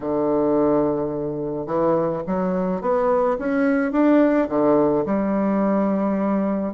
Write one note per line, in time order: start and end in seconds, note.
0.00 1.66 D3
1.66 2.22 E3
2.26 2.81 F#3
2.81 3.37 B3
3.38 3.92 C#4
3.92 4.48 D4
4.48 5.04 D3
5.05 6.73 G3